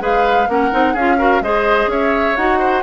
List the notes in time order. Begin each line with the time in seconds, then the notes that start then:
0.00 G#3 G#4 B4 F5
0.49 A#3 C#4 A#4 F#5
0.72 C4 D#4
0.94 C#4 F4 G#4 F5
1.18 F#4 A#4
1.41 G#3 G#4 C5 D#5
1.87 C#4 C#5 E5
2.37 D#4 F#4 F#5
2.59 C5